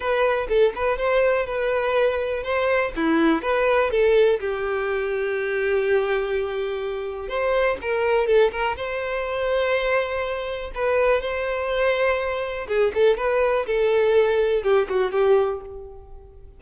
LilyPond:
\new Staff \with { instrumentName = "violin" } { \time 4/4 \tempo 4 = 123 b'4 a'8 b'8 c''4 b'4~ | b'4 c''4 e'4 b'4 | a'4 g'2.~ | g'2. c''4 |
ais'4 a'8 ais'8 c''2~ | c''2 b'4 c''4~ | c''2 gis'8 a'8 b'4 | a'2 g'8 fis'8 g'4 | }